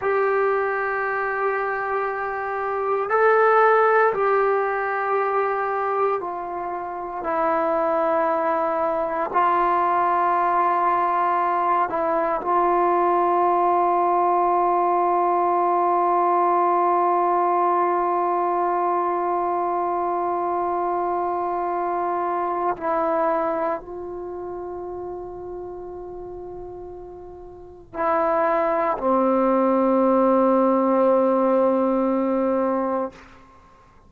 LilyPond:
\new Staff \with { instrumentName = "trombone" } { \time 4/4 \tempo 4 = 58 g'2. a'4 | g'2 f'4 e'4~ | e'4 f'2~ f'8 e'8 | f'1~ |
f'1~ | f'2 e'4 f'4~ | f'2. e'4 | c'1 | }